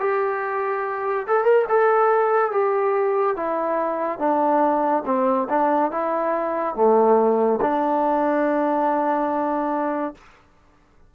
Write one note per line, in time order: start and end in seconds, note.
0.00 1.27 G4
1.28 1.44 A4
1.44 1.66 A#4
1.69 2.52 A4
2.52 3.36 G4
3.36 4.19 E4
4.19 5.04 D4
5.06 5.48 C4
5.49 5.92 D4
5.92 6.75 E4
6.75 7.60 A3
7.61 10.15 D4